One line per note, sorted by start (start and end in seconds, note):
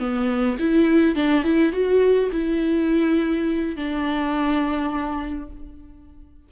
0.00 0.58 B3
0.60 1.16 E4
1.16 1.44 D4
1.44 1.73 E4
1.73 2.30 F#4
2.32 3.77 E4
3.77 5.50 D4